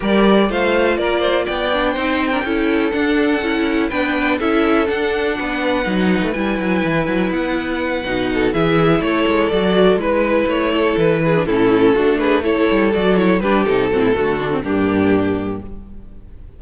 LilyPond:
<<
  \new Staff \with { instrumentName = "violin" } { \time 4/4 \tempo 4 = 123 d''4 f''4 d''4 g''4~ | g''2 fis''2 | g''4 e''4 fis''2~ | fis''4 gis''2 fis''4~ |
fis''4. e''4 cis''4 d''8~ | d''8 b'4 cis''4 b'4 a'8~ | a'4 b'8 cis''4 d''8 cis''8 b'8 | a'2 g'2 | }
  \new Staff \with { instrumentName = "violin" } { \time 4/4 ais'4 c''4 ais'8 c''8 d''4 | c''8. ais'16 a'2. | b'4 a'2 b'4~ | b'1~ |
b'4 a'8 gis'4 a'4.~ | a'8 b'4. a'4 gis'8 e'8~ | e'8 fis'8 gis'8 a'2 g'8~ | g'8 fis'16 e'16 fis'4 d'2 | }
  \new Staff \with { instrumentName = "viola" } { \time 4/4 g'4 f'2~ f'8 d'8 | dis'8. d'16 e'4 d'4 e'4 | d'4 e'4 d'2 | dis'4 e'2.~ |
e'8 dis'4 e'2 fis'8~ | fis'8 e'2~ e'8. d'16 cis'8~ | cis'8 d'4 e'4 fis'8 e'8 d'8 | dis'8 c'8 a8 d'16 c'16 ais2 | }
  \new Staff \with { instrumentName = "cello" } { \time 4/4 g4 a4 ais4 b4 | c'4 cis'4 d'4 cis'4 | b4 cis'4 d'4 b4 | fis8. a16 g8 fis8 e8 fis8 b4~ |
b8 b,4 e4 a8 gis8 fis8~ | fis8 gis4 a4 e4 a,8~ | a,8 a4. g8 fis4 g8 | c8 a,8 d4 g,2 | }
>>